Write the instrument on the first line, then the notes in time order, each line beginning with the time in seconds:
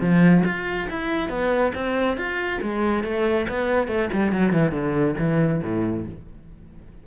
cello
0.00 F3
0.45 F4
0.90 E4
1.29 B3
1.74 C4
2.17 F4
2.62 G#3
3.04 A3
3.49 B3
3.88 A3
4.13 G3
4.32 F#3
4.52 E3
4.71 D3
5.18 E3
5.63 A2